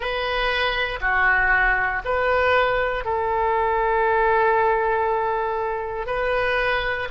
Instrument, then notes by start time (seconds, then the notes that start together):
oboe
0.00 B4
1.00 F#4
2.04 B4
3.05 A4
6.06 B4